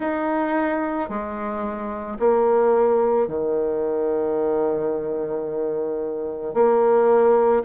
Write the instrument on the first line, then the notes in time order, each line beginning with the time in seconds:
bassoon
0.00 D#4
1.09 G#3
2.19 A#3
3.27 D#3
6.54 A#3